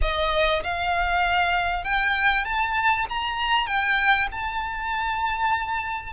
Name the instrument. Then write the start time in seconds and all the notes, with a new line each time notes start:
violin
0.01 D#5
0.63 F5
1.83 G5
2.44 A5
3.09 A#5
3.66 G5
4.31 A5